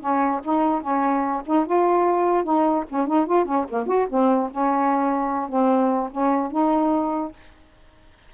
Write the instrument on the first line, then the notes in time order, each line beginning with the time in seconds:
saxophone
0.00 C#4
0.44 D#4
0.81 C#4
1.45 D#4
1.66 F4
2.43 D#4
2.89 C#4
3.07 D#4
3.26 F4
3.45 C#4
3.69 A#3
3.86 F#4
4.09 C4
4.51 C#4
5.49 C4
6.11 C#4
6.51 D#4